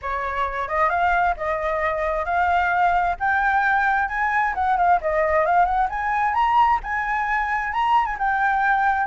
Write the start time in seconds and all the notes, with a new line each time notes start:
0.02 C#5
0.68 D#5
0.89 F5
1.36 D#5
2.25 F5
3.19 G5
4.08 G#5
4.54 F#5
4.77 F5
5.01 D#5
5.45 F5
5.65 F#5
5.89 G#5
6.34 A#5
6.83 G#5
7.72 A#5
8.05 G#5
8.18 G5